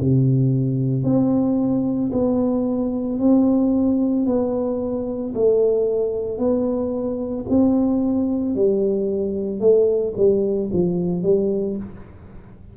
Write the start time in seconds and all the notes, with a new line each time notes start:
0.00 C3
1.03 C4
2.12 B3
3.19 C4
4.26 B3
5.34 A3
6.38 B3
7.49 C4
8.55 G3
9.60 A3
10.16 G3
10.72 F3
11.23 G3